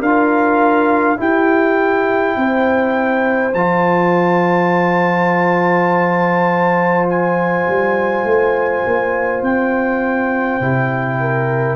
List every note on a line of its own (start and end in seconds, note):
0.00 1.18 D4
0.00 1.17 F4
0.00 1.18 A#4
0.00 1.20 F5
1.17 3.53 E4
1.17 2.37 E4
1.17 2.38 G4
1.17 3.55 G5
2.37 3.54 C4
2.37 11.20 C5
3.54 7.66 F3
3.54 10.62 F4
3.54 7.08 A5
7.10 9.44 G#5
7.69 8.25 G3
8.25 8.83 A3
8.86 9.43 A#3
9.43 10.60 C4
9.43 11.76 G5
10.61 11.76 C3
10.61 11.76 E4
11.20 11.76 A#4